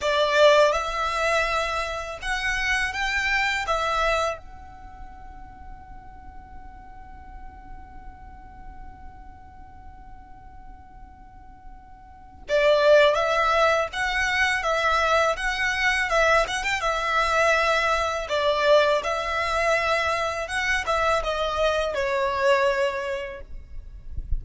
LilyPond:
\new Staff \with { instrumentName = "violin" } { \time 4/4 \tempo 4 = 82 d''4 e''2 fis''4 | g''4 e''4 fis''2~ | fis''1~ | fis''1~ |
fis''4 d''4 e''4 fis''4 | e''4 fis''4 e''8 fis''16 g''16 e''4~ | e''4 d''4 e''2 | fis''8 e''8 dis''4 cis''2 | }